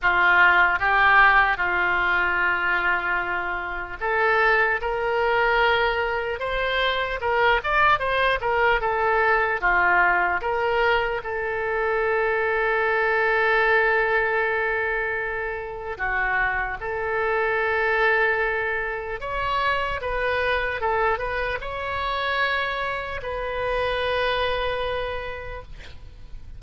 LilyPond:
\new Staff \with { instrumentName = "oboe" } { \time 4/4 \tempo 4 = 75 f'4 g'4 f'2~ | f'4 a'4 ais'2 | c''4 ais'8 d''8 c''8 ais'8 a'4 | f'4 ais'4 a'2~ |
a'1 | fis'4 a'2. | cis''4 b'4 a'8 b'8 cis''4~ | cis''4 b'2. | }